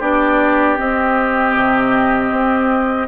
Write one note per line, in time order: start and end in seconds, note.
0.00 0.78 B3
0.00 0.77 D4
0.00 3.08 G4
0.00 0.78 D5
0.77 3.08 C4
0.77 1.55 C4
0.77 3.08 D#5
1.55 2.31 C3
2.31 3.08 C4